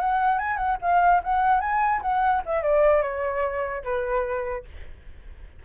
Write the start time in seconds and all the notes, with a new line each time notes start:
0.00 F#5
0.39 G#5
0.57 F#5
0.82 F5
1.24 F#5
1.61 G#5
2.02 F#5
2.46 E5
2.63 D5
3.02 C#5
3.84 B4